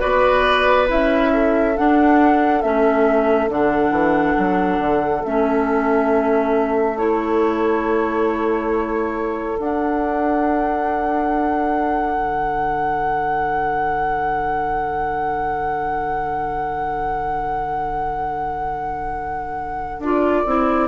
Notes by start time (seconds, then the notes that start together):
0.00 B3 F#4 B4 D5
0.87 C#4 E4 E5
1.33 A4
1.76 D4 F#5
2.62 A3 C#4 E5
3.48 D3 D4 F#5
3.91 E3
4.38 F#3
4.78 D3
5.24 A3 C#4 E5
6.97 E4 C#5
9.58 D4 F#5
12.17 D3
19.99 D4 F4 D5
20.46 C4 E4